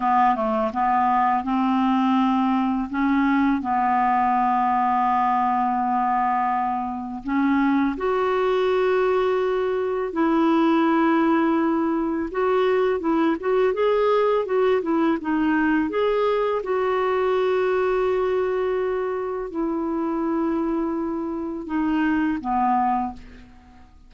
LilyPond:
\new Staff \with { instrumentName = "clarinet" } { \time 4/4 \tempo 4 = 83 b8 a8 b4 c'2 | cis'4 b2.~ | b2 cis'4 fis'4~ | fis'2 e'2~ |
e'4 fis'4 e'8 fis'8 gis'4 | fis'8 e'8 dis'4 gis'4 fis'4~ | fis'2. e'4~ | e'2 dis'4 b4 | }